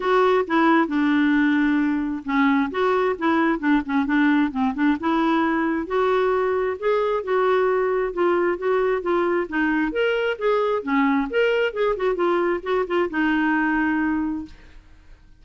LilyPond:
\new Staff \with { instrumentName = "clarinet" } { \time 4/4 \tempo 4 = 133 fis'4 e'4 d'2~ | d'4 cis'4 fis'4 e'4 | d'8 cis'8 d'4 c'8 d'8 e'4~ | e'4 fis'2 gis'4 |
fis'2 f'4 fis'4 | f'4 dis'4 ais'4 gis'4 | cis'4 ais'4 gis'8 fis'8 f'4 | fis'8 f'8 dis'2. | }